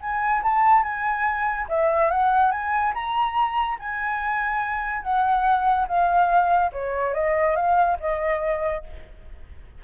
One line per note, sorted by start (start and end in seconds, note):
0.00 0.42 G#5
0.43 0.83 A5
0.83 1.67 G#5
1.69 2.11 E5
2.11 2.51 F#5
2.51 2.93 G#5
2.94 3.78 A#5
3.79 5.03 G#5
5.03 5.87 F#5
5.88 6.72 F5
6.72 7.14 C#5
7.14 7.56 D#5
7.56 7.98 F5
8.00 8.84 D#5